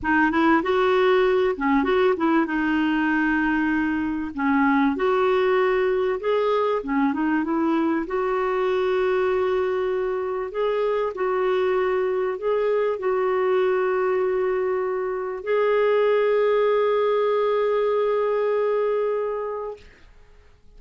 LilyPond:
\new Staff \with { instrumentName = "clarinet" } { \time 4/4 \tempo 4 = 97 dis'8 e'8 fis'4. cis'8 fis'8 e'8 | dis'2. cis'4 | fis'2 gis'4 cis'8 dis'8 | e'4 fis'2.~ |
fis'4 gis'4 fis'2 | gis'4 fis'2.~ | fis'4 gis'2.~ | gis'1 | }